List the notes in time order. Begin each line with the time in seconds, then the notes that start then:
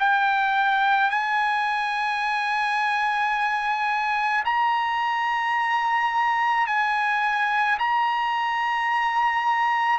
0.00 G5
1.11 G#5
4.45 A#5
6.67 G#5
7.79 A#5